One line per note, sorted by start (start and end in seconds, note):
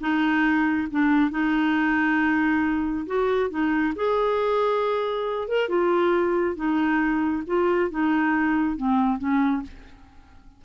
0.00 0.88 D#4
0.90 1.30 D4
1.30 3.06 D#4
3.06 3.50 F#4
3.50 3.93 D#4
3.95 5.47 G#4
5.47 5.69 A#4
5.69 6.55 F4
6.55 7.43 D#4
7.46 7.90 F4
7.90 8.76 D#4
8.76 9.18 C4
9.18 9.62 C#4